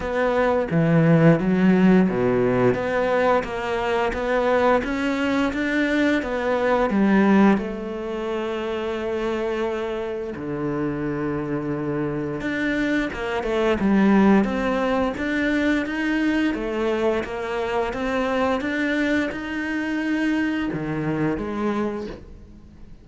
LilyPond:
\new Staff \with { instrumentName = "cello" } { \time 4/4 \tempo 4 = 87 b4 e4 fis4 b,4 | b4 ais4 b4 cis'4 | d'4 b4 g4 a4~ | a2. d4~ |
d2 d'4 ais8 a8 | g4 c'4 d'4 dis'4 | a4 ais4 c'4 d'4 | dis'2 dis4 gis4 | }